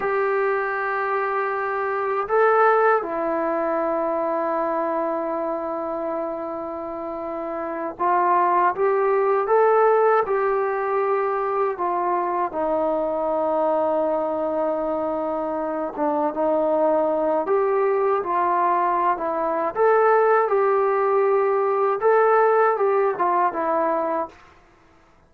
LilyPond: \new Staff \with { instrumentName = "trombone" } { \time 4/4 \tempo 4 = 79 g'2. a'4 | e'1~ | e'2~ e'8 f'4 g'8~ | g'8 a'4 g'2 f'8~ |
f'8 dis'2.~ dis'8~ | dis'4 d'8 dis'4. g'4 | f'4~ f'16 e'8. a'4 g'4~ | g'4 a'4 g'8 f'8 e'4 | }